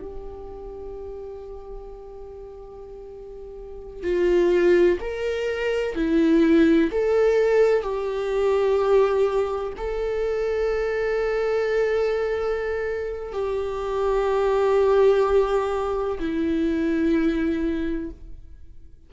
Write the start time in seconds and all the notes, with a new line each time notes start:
0.00 G4
4.03 F4
5.00 A#4
5.95 E4
6.92 A4
7.82 G4
9.77 A4
13.32 G4
16.19 E4